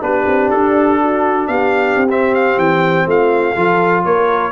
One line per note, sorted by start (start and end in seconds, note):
0.00 0.26 B3
0.00 2.07 D4
0.00 1.01 G4
0.00 0.50 B4
0.27 0.51 C4
0.50 1.47 D4
0.50 1.47 A4
1.01 1.49 F#4
1.47 1.96 B3
1.47 3.06 G4
1.47 2.08 F5
1.96 2.57 C4
2.09 3.55 C4
2.09 2.34 E5
2.34 2.58 F5
2.57 3.05 E3
2.57 3.07 G5
3.06 3.55 A3
3.06 3.54 F4
3.06 4.05 F5
3.54 4.04 F3
3.54 4.52 F4
3.54 4.03 A4
4.04 4.52 A#3
4.04 4.52 A#4
4.04 4.52 C#5